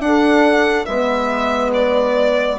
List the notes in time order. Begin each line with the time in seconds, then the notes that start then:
0.00 D4 F#5
0.06 A4
0.86 G#3 B3 B4 E5
1.74 D5